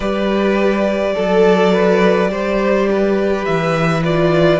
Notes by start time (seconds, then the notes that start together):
0.00 G3 G4 B4 D5
1.14 F#3 A4
1.73 B4
2.28 G3 G4 C5
2.90 B4
3.45 E3 E5
4.04 F4 D5